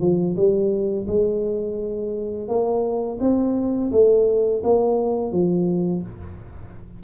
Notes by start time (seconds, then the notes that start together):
0.00 F3
0.36 G3
1.07 G#3
2.48 A#3
3.20 C4
3.92 A3
4.63 A#3
5.31 F3